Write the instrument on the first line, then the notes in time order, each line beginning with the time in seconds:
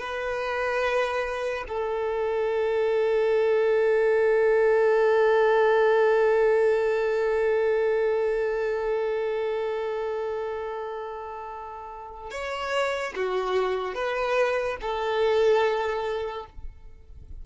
violin
0.00 B4
1.68 A4
12.31 C#5
13.16 F#4
13.95 B4
14.82 A4